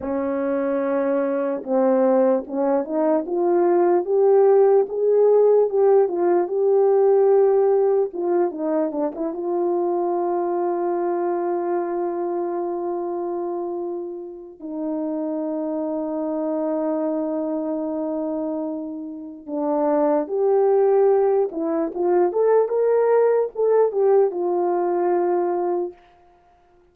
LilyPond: \new Staff \with { instrumentName = "horn" } { \time 4/4 \tempo 4 = 74 cis'2 c'4 cis'8 dis'8 | f'4 g'4 gis'4 g'8 f'8 | g'2 f'8 dis'8 d'16 e'16 f'8~ | f'1~ |
f'2 dis'2~ | dis'1 | d'4 g'4. e'8 f'8 a'8 | ais'4 a'8 g'8 f'2 | }